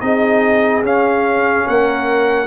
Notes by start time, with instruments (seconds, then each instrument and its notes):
0.00 tuba C4, trombone D#4, horn G#4, trumpet D#5
0.82 tuba C#4, trombone C#4, trumpet F5
1.66 tuba A#3, horn A#4, trumpet F#5